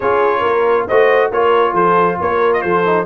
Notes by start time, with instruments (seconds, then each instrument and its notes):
0.00 tuba C#4, trombone F4, horn G#4, trumpet C#5
0.39 tuba A#3, horn A#4
0.87 tuba A3, trombone F#4, horn C5, trumpet D#5
1.31 tuba A#3, trombone F4, horn A#4, trumpet C#5
1.73 tuba F3, horn A4, trumpet C5
2.20 tuba A#3, horn A#4, trumpet C#5
2.53 trumpet D#5
2.61 tuba F3, horn A4, trumpet C5
2.85 trombone D#4